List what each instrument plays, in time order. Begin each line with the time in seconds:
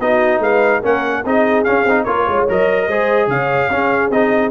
0.00 tuba B3, trombone D#4, horn F#4, trumpet D#5
0.39 tuba G#3, horn B4, trumpet F5
0.80 tuba A#3, trombone C#4, horn A#4, trumpet F#5
1.24 tuba C4, trombone D#4, horn G#4, trumpet D#5
1.64 trombone C#4, tuba C#4, trumpet F5
1.85 tuba C4, trombone D#4
2.04 tuba A#3, trombone F4, horn A#4, trumpet C#5
2.25 tuba G#3, horn C#5
2.49 tuba F#3, trombone A#4, trumpet D#5
2.88 tuba G#3, trombone G#4, horn C5
3.27 tuba C#3, horn C#5, trumpet F5
3.70 tuba C#4, trombone C#4, horn G#4
4.10 tuba C4, trombone D#4, trumpet D#5